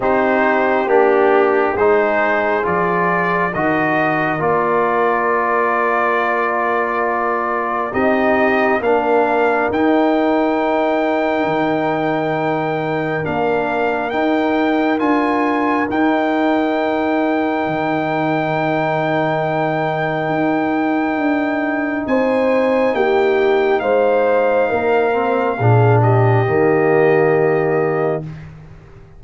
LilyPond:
<<
  \new Staff \with { instrumentName = "trumpet" } { \time 4/4 \tempo 4 = 68 c''4 g'4 c''4 d''4 | dis''4 d''2.~ | d''4 dis''4 f''4 g''4~ | g''2. f''4 |
g''4 gis''4 g''2~ | g''1~ | g''4 gis''4 g''4 f''4~ | f''4. dis''2~ dis''8 | }
  \new Staff \with { instrumentName = "horn" } { \time 4/4 g'2 gis'2 | ais'1~ | ais'4 g'4 ais'2~ | ais'1~ |
ais'1~ | ais'1~ | ais'4 c''4 g'4 c''4 | ais'4 gis'8 g'2~ g'8 | }
  \new Staff \with { instrumentName = "trombone" } { \time 4/4 dis'4 d'4 dis'4 f'4 | fis'4 f'2.~ | f'4 dis'4 d'4 dis'4~ | dis'2. d'4 |
dis'4 f'4 dis'2~ | dis'1~ | dis'1~ | dis'8 c'8 d'4 ais2 | }
  \new Staff \with { instrumentName = "tuba" } { \time 4/4 c'4 ais4 gis4 f4 | dis4 ais2.~ | ais4 c'4 ais4 dis'4~ | dis'4 dis2 ais4 |
dis'4 d'4 dis'2 | dis2. dis'4 | d'4 c'4 ais4 gis4 | ais4 ais,4 dis2 | }
>>